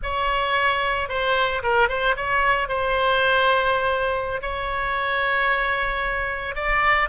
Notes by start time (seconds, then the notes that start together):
0.02 C#5
1.09 C5
1.62 A#4
1.88 C5
2.16 C#5
2.68 C5
4.41 C#5
6.55 D5